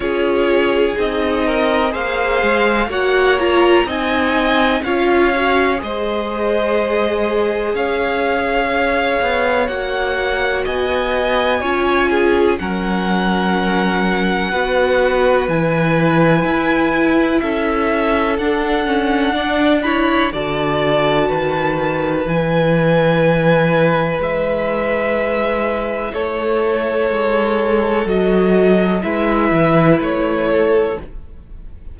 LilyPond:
<<
  \new Staff \with { instrumentName = "violin" } { \time 4/4 \tempo 4 = 62 cis''4 dis''4 f''4 fis''8 ais''8 | gis''4 f''4 dis''2 | f''2 fis''4 gis''4~ | gis''4 fis''2. |
gis''2 e''4 fis''4~ | fis''8 b''8 a''2 gis''4~ | gis''4 e''2 cis''4~ | cis''4 dis''4 e''4 cis''4 | }
  \new Staff \with { instrumentName = "violin" } { \time 4/4 gis'4. ais'8 c''4 cis''4 | dis''4 cis''4 c''2 | cis''2. dis''4 | cis''8 gis'8 ais'2 b'4~ |
b'2 a'2 | d''8 cis''8 d''4 b'2~ | b'2. a'4~ | a'2 b'4. a'8 | }
  \new Staff \with { instrumentName = "viola" } { \time 4/4 f'4 dis'4 gis'4 fis'8 f'8 | dis'4 f'8 fis'8 gis'2~ | gis'2 fis'2 | f'4 cis'2 fis'4 |
e'2. d'8 cis'8 | d'8 e'8 fis'2 e'4~ | e'1~ | e'4 fis'4 e'2 | }
  \new Staff \with { instrumentName = "cello" } { \time 4/4 cis'4 c'4 ais8 gis8 ais4 | c'4 cis'4 gis2 | cis'4. b8 ais4 b4 | cis'4 fis2 b4 |
e4 e'4 cis'4 d'4~ | d'4 d4 dis4 e4~ | e4 gis2 a4 | gis4 fis4 gis8 e8 a4 | }
>>